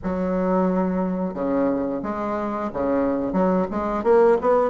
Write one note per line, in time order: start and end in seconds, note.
0.03 1.33 F#3
1.33 2.01 C#3
2.03 2.70 G#3
2.73 3.32 C#3
3.32 3.66 F#3
3.70 4.03 G#3
4.03 4.37 A#3
4.41 4.70 B3